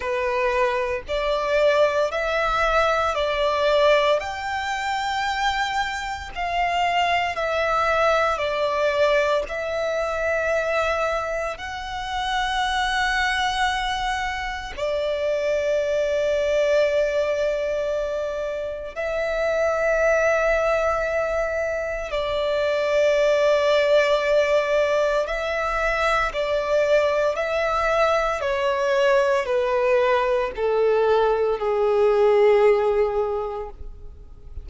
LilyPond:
\new Staff \with { instrumentName = "violin" } { \time 4/4 \tempo 4 = 57 b'4 d''4 e''4 d''4 | g''2 f''4 e''4 | d''4 e''2 fis''4~ | fis''2 d''2~ |
d''2 e''2~ | e''4 d''2. | e''4 d''4 e''4 cis''4 | b'4 a'4 gis'2 | }